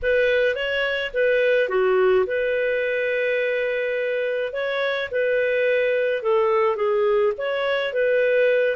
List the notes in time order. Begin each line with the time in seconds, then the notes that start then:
0.02 B4
0.55 C#5
1.13 B4
1.69 F#4
2.26 B4
4.52 C#5
5.11 B4
6.22 A4
6.76 G#4
7.37 C#5
7.93 B4